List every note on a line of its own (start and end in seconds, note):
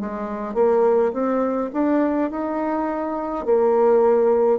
0.00 0.54 G#3
0.54 1.12 A#3
1.13 1.70 C4
1.73 2.30 D4
2.30 3.45 D#4
3.45 4.58 A#3